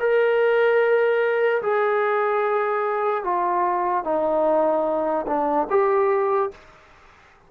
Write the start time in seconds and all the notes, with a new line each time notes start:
0.00 A#4
1.63 G#4
3.24 F4
4.04 D#4
5.27 D4
5.70 G4